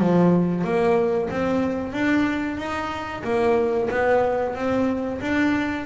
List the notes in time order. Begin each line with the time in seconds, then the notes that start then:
0.00 F3
0.64 A#3
1.31 C4
1.93 D4
2.58 D#4
3.24 A#3
3.90 B3
4.55 C4
5.21 D4